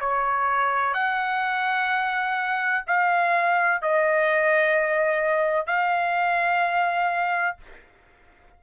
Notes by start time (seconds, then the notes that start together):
0.00 C#5
0.94 F#5
2.87 F5
3.82 D#5
5.67 F5